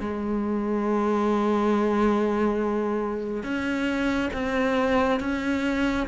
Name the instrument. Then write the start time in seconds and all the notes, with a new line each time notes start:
cello
0.00 G#3
3.43 C#4
4.34 C4
5.20 C#4